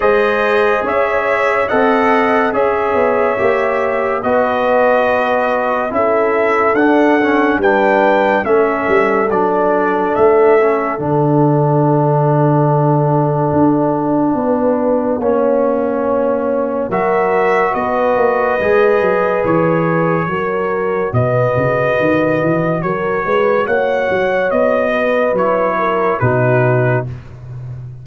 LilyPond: <<
  \new Staff \with { instrumentName = "trumpet" } { \time 4/4 \tempo 4 = 71 dis''4 e''4 fis''4 e''4~ | e''4 dis''2 e''4 | fis''4 g''4 e''4 d''4 | e''4 fis''2.~ |
fis''1 | e''4 dis''2 cis''4~ | cis''4 dis''2 cis''4 | fis''4 dis''4 cis''4 b'4 | }
  \new Staff \with { instrumentName = "horn" } { \time 4/4 c''4 cis''4 dis''4 cis''4~ | cis''4 b'2 a'4~ | a'4 b'4 a'2~ | a'1~ |
a'4 b'4 cis''2 | ais'4 b'2. | ais'4 b'2 ais'8 b'8 | cis''4. b'4 ais'8 fis'4 | }
  \new Staff \with { instrumentName = "trombone" } { \time 4/4 gis'2 a'4 gis'4 | g'4 fis'2 e'4 | d'8 cis'8 d'4 cis'4 d'4~ | d'8 cis'8 d'2.~ |
d'2 cis'2 | fis'2 gis'2 | fis'1~ | fis'2 e'4 dis'4 | }
  \new Staff \with { instrumentName = "tuba" } { \time 4/4 gis4 cis'4 c'4 cis'8 b8 | ais4 b2 cis'4 | d'4 g4 a8 g8 fis4 | a4 d2. |
d'4 b4 ais2 | fis4 b8 ais8 gis8 fis8 e4 | fis4 b,8 cis8 dis8 e8 fis8 gis8 | ais8 fis8 b4 fis4 b,4 | }
>>